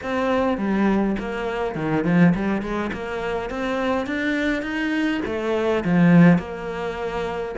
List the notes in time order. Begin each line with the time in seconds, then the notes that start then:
0.03 C4
0.57 G3
1.19 A#3
1.75 D#3
2.04 F3
2.35 G3
2.61 G#3
2.92 A#3
3.50 C4
4.06 D4
4.62 D#4
5.25 A3
5.84 F3
6.38 A#3